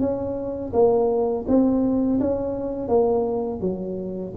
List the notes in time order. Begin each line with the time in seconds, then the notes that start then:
0.00 C#4
0.73 A#3
1.48 C4
2.20 C#4
2.88 A#3
3.61 F#3